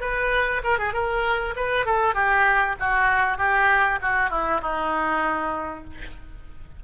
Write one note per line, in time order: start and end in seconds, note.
0.00 0.61 B4
0.63 0.78 A#4
0.78 0.93 G#4
0.93 1.54 A#4
1.56 1.85 B4
1.85 2.14 A4
2.14 2.76 G4
2.79 3.38 F#4
3.38 3.99 G4
4.01 4.30 F#4
4.30 4.61 E4
4.61 5.84 D#4